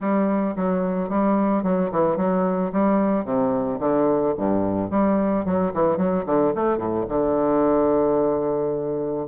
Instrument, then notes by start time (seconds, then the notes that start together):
bassoon
0.00 G3
0.56 F#3
1.09 G3
1.63 F#3
1.91 E3
2.17 F#3
2.72 G3
3.24 C3
3.79 D3
4.37 G2
4.90 G3
5.45 F#3
5.73 E3
5.97 F#3
6.26 D3
6.55 A3
6.77 A2
7.08 D3